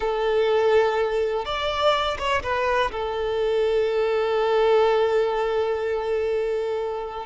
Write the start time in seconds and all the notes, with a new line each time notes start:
0.00 A4
1.45 D5
2.18 C#5
2.43 B4
2.91 A4